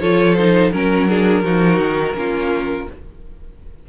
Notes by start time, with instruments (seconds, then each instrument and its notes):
0.00 cello F3, viola F4, violin A4 C#5
0.35 viola D#4, violin C5
0.72 cello F#3, viola C#4, violin A#4
1.08 viola D4, violin G#4
1.43 cello F3, viola D#4, violin F#4
1.78 cello D#3
2.14 cello A#3, viola C#4, violin F4